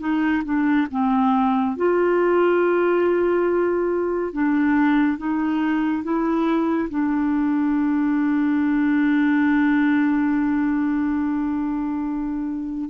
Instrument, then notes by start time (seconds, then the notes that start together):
clarinet
0.00 D#4
0.45 D4
0.91 C4
1.77 F4
4.33 D4
5.18 D#4
6.04 E4
6.90 D4